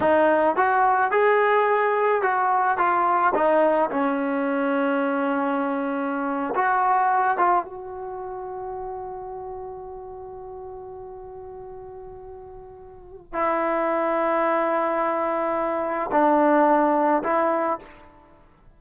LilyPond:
\new Staff \with { instrumentName = "trombone" } { \time 4/4 \tempo 4 = 108 dis'4 fis'4 gis'2 | fis'4 f'4 dis'4 cis'4~ | cis'2.~ cis'8. fis'16~ | fis'4~ fis'16 f'8 fis'2~ fis'16~ |
fis'1~ | fis'1 | e'1~ | e'4 d'2 e'4 | }